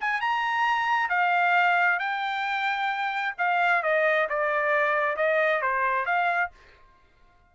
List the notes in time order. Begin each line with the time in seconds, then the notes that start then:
0.00 G#5
0.21 A#5
1.09 F5
1.99 G5
3.38 F5
3.82 D#5
4.29 D5
5.16 D#5
5.61 C5
6.05 F5